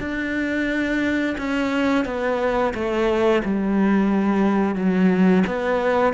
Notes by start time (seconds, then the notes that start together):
0.00 D4
1.38 C#4
2.05 B3
2.74 A3
3.45 G3
4.76 F#3
5.47 B3